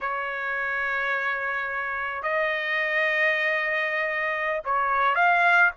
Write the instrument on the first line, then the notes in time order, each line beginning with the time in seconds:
trumpet
0.00 C#5
2.22 D#5
4.64 C#5
5.15 F5